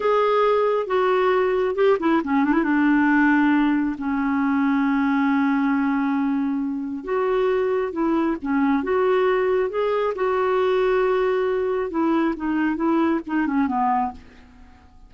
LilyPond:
\new Staff \with { instrumentName = "clarinet" } { \time 4/4 \tempo 4 = 136 gis'2 fis'2 | g'8 e'8 cis'8 d'16 e'16 d'2~ | d'4 cis'2.~ | cis'1 |
fis'2 e'4 cis'4 | fis'2 gis'4 fis'4~ | fis'2. e'4 | dis'4 e'4 dis'8 cis'8 b4 | }